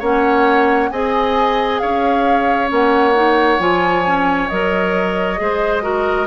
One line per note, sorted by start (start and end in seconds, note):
0.00 0.91 A#3
0.00 0.92 C#4
0.00 0.90 C#5
0.00 0.91 F#5
0.91 1.81 C4
0.91 2.69 G#4
0.91 1.82 D#5
0.91 1.79 G#5
1.79 2.72 C#4
1.79 5.40 C#5
1.79 2.69 F5
2.69 3.59 A#3
2.69 3.14 C#4
2.69 3.61 F#5
3.15 3.60 D#4
3.59 4.49 F3
3.59 4.04 F4
3.59 4.49 G#5
4.05 4.50 C#4
4.49 5.40 F#3
4.49 5.37 A#4
4.49 6.28 D#5
5.37 6.28 G#3
5.37 5.82 G#4
5.37 5.84 C5
5.82 6.27 F#4
5.82 6.28 A#4